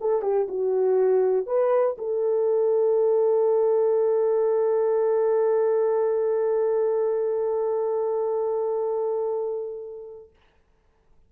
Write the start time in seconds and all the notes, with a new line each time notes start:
0.00 A4
0.22 G4
0.48 F#4
1.46 B4
1.98 A4